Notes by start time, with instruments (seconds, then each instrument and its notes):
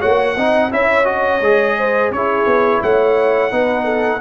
0.00 tuba A#3, trombone F#4, horn C#5, trumpet F#5
0.36 tuba C4, trombone D#4, horn D#5
0.70 tuba C#4, trombone E4, horn C#5, trumpet E5
1.05 trombone F#4, trumpet D#5
1.41 tuba G#3, trombone G#4
1.78 horn C5
2.10 tuba C#4, trombone E4, horn G#4, trumpet C#5
2.46 tuba B3
2.82 tuba A3, horn C#5, trumpet F#5
3.51 tuba B3, trombone D#4, horn B4
3.84 horn A4